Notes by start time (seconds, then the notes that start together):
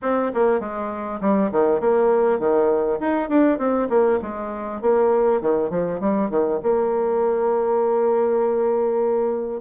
0.02 C4
0.34 A#3
0.59 G#3
1.20 G3
1.51 D#3
1.80 A#3
2.39 D#3
3.00 D#4
3.29 D4
3.58 C4
3.89 A#3
4.22 G#3
4.81 A#3
5.41 D#3
5.70 F3
5.99 G3
6.30 D#3
6.62 A#3